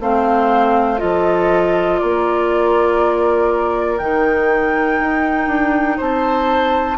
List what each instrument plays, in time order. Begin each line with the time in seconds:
0.00 bassoon A3, clarinet C4, oboe C5, flute F5
0.98 bassoon F3, clarinet F4, oboe A4, flute D#5
1.99 bassoon A#3, oboe A#4, flute D5
3.98 bassoon D#3, clarinet D#4, flute G5
5.00 bassoon D#4
5.47 bassoon D4
5.97 bassoon C4, oboe C5, flute A5